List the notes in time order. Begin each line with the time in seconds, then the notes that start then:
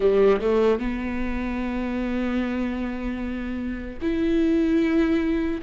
0.00 G3
0.40 A3
0.79 B3
4.01 E4